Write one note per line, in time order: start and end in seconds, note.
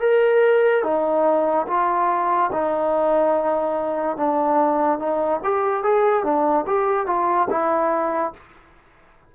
0.00 0.83 A#4
0.83 1.67 D#4
1.67 2.51 F4
2.53 4.17 D#4
4.17 4.99 D4
4.99 5.41 D#4
5.44 5.83 G4
5.83 6.24 G#4
6.24 6.66 D4
6.67 7.06 G4
7.06 7.48 F4
7.50 8.33 E4